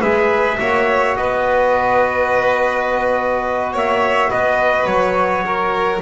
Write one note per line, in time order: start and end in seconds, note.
0.00 0.59 G#3
0.00 0.60 G#4
0.00 0.57 B4
0.00 1.16 E5
0.60 1.17 A#3
0.60 6.02 F#4
0.60 1.17 C#5
1.16 3.74 B3
1.16 3.73 B4
1.16 3.73 D#5
3.73 4.31 A#3
3.73 4.30 C#5
3.73 4.31 E5
4.30 4.85 B3
4.30 5.44 B4
4.30 4.86 D#5
4.85 6.00 F#3
4.85 6.00 C#5
5.45 6.02 A#4